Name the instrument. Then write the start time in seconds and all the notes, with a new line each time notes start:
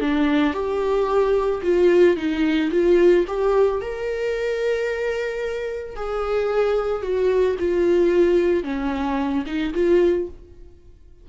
viola
0.00 D4
0.53 G4
1.62 F4
2.16 D#4
2.71 F4
3.27 G4
3.81 A#4
5.96 G#4
7.02 F#4
7.59 F4
8.63 C#4
9.46 D#4
9.74 F4